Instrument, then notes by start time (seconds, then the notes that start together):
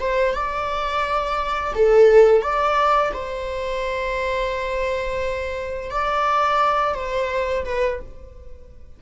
viola
0.00 C5
0.35 D5
1.75 A4
2.43 D5
3.14 C5
5.91 D5
6.95 C5
7.65 B4